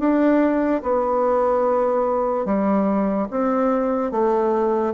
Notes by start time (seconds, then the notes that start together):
0.00 D4
0.83 B3
2.46 G3
3.31 C4
4.12 A3